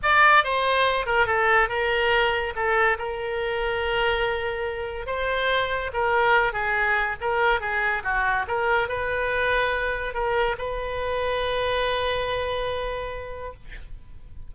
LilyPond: \new Staff \with { instrumentName = "oboe" } { \time 4/4 \tempo 4 = 142 d''4 c''4. ais'8 a'4 | ais'2 a'4 ais'4~ | ais'1 | c''2 ais'4. gis'8~ |
gis'4 ais'4 gis'4 fis'4 | ais'4 b'2. | ais'4 b'2.~ | b'1 | }